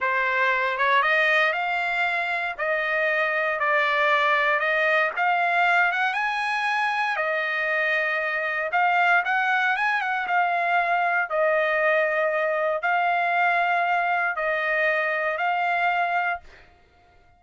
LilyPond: \new Staff \with { instrumentName = "trumpet" } { \time 4/4 \tempo 4 = 117 c''4. cis''8 dis''4 f''4~ | f''4 dis''2 d''4~ | d''4 dis''4 f''4. fis''8 | gis''2 dis''2~ |
dis''4 f''4 fis''4 gis''8 fis''8 | f''2 dis''2~ | dis''4 f''2. | dis''2 f''2 | }